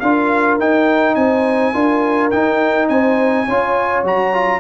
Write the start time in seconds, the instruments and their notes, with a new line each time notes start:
0.00 tuba D4, trombone F4, horn A#4, trumpet F5
0.59 tuba D#4, trombone D#4, trumpet G5
1.15 tuba C4, horn C5, trumpet G#5
1.74 tuba D4, trombone F4, horn A#4
2.31 trombone D#4, tuba D#4, trumpet G5
2.89 tuba C4, horn C5, trumpet G#5
3.45 tuba C#4, trombone F4, horn C#5
4.04 tuba F#3, trombone F#4, trumpet A#5
4.34 trombone F4